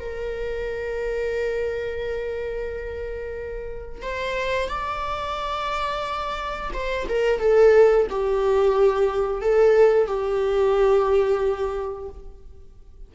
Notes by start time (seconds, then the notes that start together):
0.00 A#4
4.02 C5
4.69 D5
6.74 C5
7.09 A#4
7.39 A4
8.10 G4
9.41 A4
10.07 G4